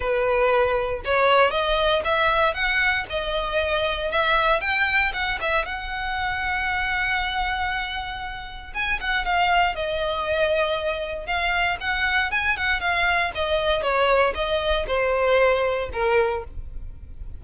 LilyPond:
\new Staff \with { instrumentName = "violin" } { \time 4/4 \tempo 4 = 117 b'2 cis''4 dis''4 | e''4 fis''4 dis''2 | e''4 g''4 fis''8 e''8 fis''4~ | fis''1~ |
fis''4 gis''8 fis''8 f''4 dis''4~ | dis''2 f''4 fis''4 | gis''8 fis''8 f''4 dis''4 cis''4 | dis''4 c''2 ais'4 | }